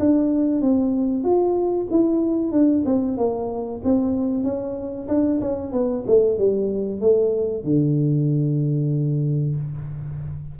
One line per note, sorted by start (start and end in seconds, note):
0.00 0.62 D4
0.62 1.24 C4
1.24 1.88 F4
1.91 2.52 E4
2.52 2.84 D4
2.86 3.18 C4
3.18 3.82 A#3
3.84 4.44 C4
4.44 5.08 C#4
5.09 5.41 D4
5.41 5.73 C#4
5.73 6.05 B3
6.08 6.39 A3
6.39 7.01 G3
7.01 7.64 A3
7.64 9.56 D3